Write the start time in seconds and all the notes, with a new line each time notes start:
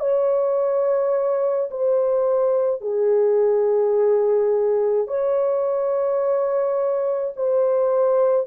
0.00 C#5
1.71 C5
2.81 G#4
5.08 C#5
7.36 C5